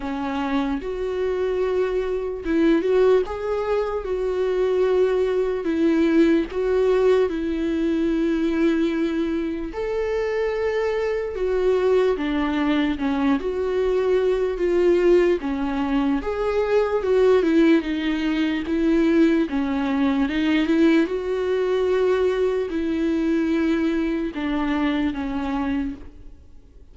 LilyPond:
\new Staff \with { instrumentName = "viola" } { \time 4/4 \tempo 4 = 74 cis'4 fis'2 e'8 fis'8 | gis'4 fis'2 e'4 | fis'4 e'2. | a'2 fis'4 d'4 |
cis'8 fis'4. f'4 cis'4 | gis'4 fis'8 e'8 dis'4 e'4 | cis'4 dis'8 e'8 fis'2 | e'2 d'4 cis'4 | }